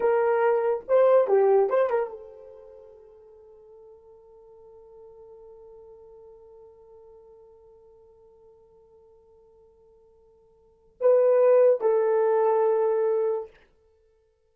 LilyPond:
\new Staff \with { instrumentName = "horn" } { \time 4/4 \tempo 4 = 142 ais'2 c''4 g'4 | c''8 ais'8 a'2.~ | a'1~ | a'1~ |
a'1~ | a'1~ | a'2 b'2 | a'1 | }